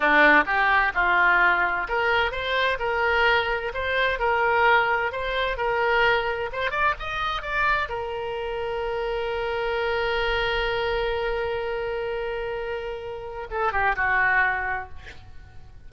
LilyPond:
\new Staff \with { instrumentName = "oboe" } { \time 4/4 \tempo 4 = 129 d'4 g'4 f'2 | ais'4 c''4 ais'2 | c''4 ais'2 c''4 | ais'2 c''8 d''8 dis''4 |
d''4 ais'2.~ | ais'1~ | ais'1~ | ais'4 a'8 g'8 fis'2 | }